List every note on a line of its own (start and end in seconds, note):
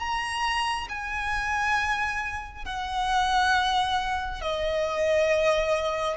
0.00 0.88 A#5
0.89 2.66 G#5
2.66 4.42 F#5
4.42 6.18 D#5